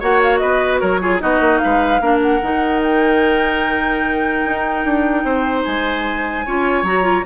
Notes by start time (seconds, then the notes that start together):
0.00 A#3 F#4 C#5 F#5
0.23 F5
0.38 B3 B4 D#5
0.80 F#3 A#4 C#5
1.01 F4 G#4
1.20 B3 D#4 F#4 D#5
1.40 A#3
1.58 B4 F5
1.65 G#3
2.01 A#3 D4 A#4
2.22 F#5
2.43 D#3 D#4
2.83 G5
4.46 D#4
4.85 D4
5.24 C4 C5
5.64 G#3 G#5
6.46 C#4 F4 C#5
6.83 F#3 F#4 A#5
7.03 F4